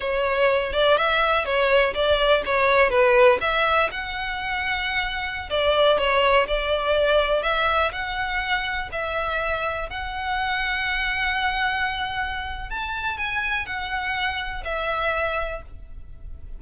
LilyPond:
\new Staff \with { instrumentName = "violin" } { \time 4/4 \tempo 4 = 123 cis''4. d''8 e''4 cis''4 | d''4 cis''4 b'4 e''4 | fis''2.~ fis''16 d''8.~ | d''16 cis''4 d''2 e''8.~ |
e''16 fis''2 e''4.~ e''16~ | e''16 fis''2.~ fis''8.~ | fis''2 a''4 gis''4 | fis''2 e''2 | }